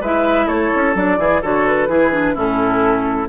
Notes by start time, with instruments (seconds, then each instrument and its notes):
0.00 bassoon G#3, clarinet E4, oboe B4, flute E5
0.46 bassoon A3, oboe A4, flute C#5
0.75 bassoon C#4
0.94 bassoon F#3, clarinet D4, flute D5
1.17 bassoon E3, clarinet E4, oboe G#4
1.41 bassoon D3, clarinet F#4, oboe A4, flute C#5
1.67 flute B4
1.88 bassoon E3, clarinet E4, oboe G#4
2.12 clarinet D4
2.34 bassoon A2, clarinet C#4, oboe E4, flute A4